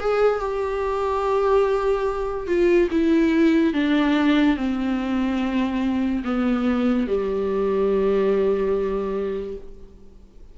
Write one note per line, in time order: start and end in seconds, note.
0.00 0.40 G#4
0.40 2.47 G4
2.47 2.89 F4
2.91 3.74 E4
3.74 4.57 D4
4.57 6.23 C4
6.25 7.08 B3
7.08 9.58 G3